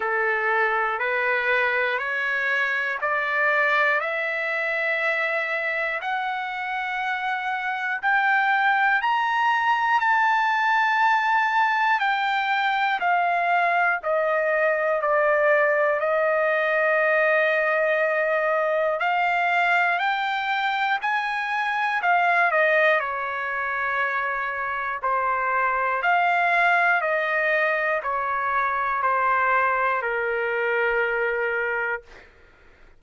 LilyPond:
\new Staff \with { instrumentName = "trumpet" } { \time 4/4 \tempo 4 = 60 a'4 b'4 cis''4 d''4 | e''2 fis''2 | g''4 ais''4 a''2 | g''4 f''4 dis''4 d''4 |
dis''2. f''4 | g''4 gis''4 f''8 dis''8 cis''4~ | cis''4 c''4 f''4 dis''4 | cis''4 c''4 ais'2 | }